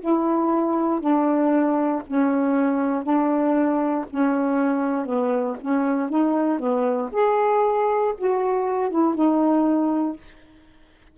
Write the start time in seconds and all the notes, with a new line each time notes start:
0.00 E4
1.00 D4
2.07 C#4
3.03 D4
4.10 C#4
5.05 B3
5.61 C#4
6.09 D#4
6.59 B3
7.12 G#4
8.17 F#4
8.90 E4
9.15 D#4